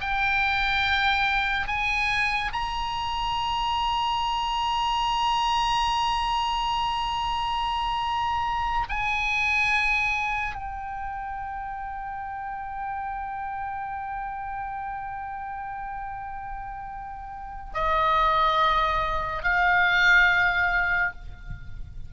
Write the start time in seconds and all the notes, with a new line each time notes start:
0.00 G5
1.67 G#5
2.53 A#5
8.89 G#5
10.54 G5
17.74 D#5
19.43 F5